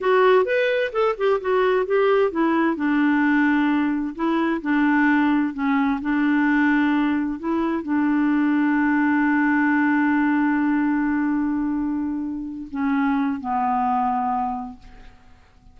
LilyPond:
\new Staff \with { instrumentName = "clarinet" } { \time 4/4 \tempo 4 = 130 fis'4 b'4 a'8 g'8 fis'4 | g'4 e'4 d'2~ | d'4 e'4 d'2 | cis'4 d'2. |
e'4 d'2.~ | d'1~ | d'2.~ d'8 cis'8~ | cis'4 b2. | }